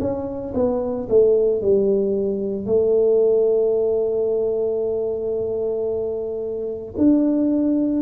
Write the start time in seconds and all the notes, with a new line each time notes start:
0.00 C#4
0.55 B3
1.09 A3
1.62 G3
2.66 A3
6.97 D4